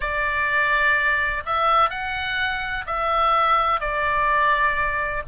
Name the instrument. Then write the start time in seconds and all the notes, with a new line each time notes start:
oboe
0.00 D5
1.45 E5
1.90 F#5
2.86 E5
3.80 D5